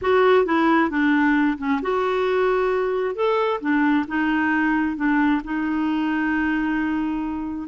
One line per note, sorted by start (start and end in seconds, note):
0.01 0.45 F#4
0.45 0.89 E4
0.89 1.57 D4
1.57 1.80 C#4
1.82 3.15 F#4
3.15 3.60 A4
3.60 4.05 D4
4.07 4.96 D#4
4.96 5.41 D4
5.44 7.68 D#4